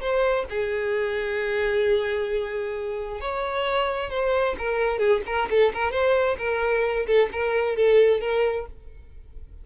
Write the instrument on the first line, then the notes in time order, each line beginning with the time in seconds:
violin
0.00 C5
0.49 G#4
3.20 C#5
4.10 C5
4.58 A#4
4.98 G#4
5.26 A#4
5.50 A4
5.73 A#4
5.91 C5
6.38 A#4
7.06 A4
7.32 A#4
7.76 A4
8.20 A#4